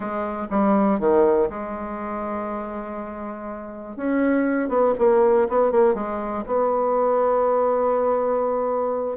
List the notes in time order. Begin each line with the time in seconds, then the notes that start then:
0.00 G#3
0.50 G3
0.99 D#3
1.49 G#3
3.96 C#4
4.69 B3
4.98 A#3
5.48 B3
5.71 A#3
5.94 G#3
6.46 B3